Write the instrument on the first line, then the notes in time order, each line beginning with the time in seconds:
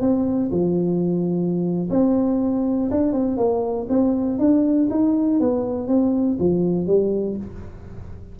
tuba
0.00 C4
0.51 F3
1.90 C4
2.90 D4
3.12 C4
3.37 A#3
3.89 C4
4.38 D4
4.90 D#4
5.40 B3
5.87 C4
6.39 F3
6.86 G3